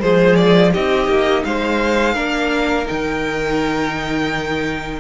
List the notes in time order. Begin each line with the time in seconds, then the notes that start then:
0.00 F3 G#3 G#4 C5
0.36 D5
0.72 C4 D#4 G4 D#5
1.08 A#3
1.44 G#3 C5 F5
2.14 A#3 D4 A#4
2.85 D#3 D#4 G5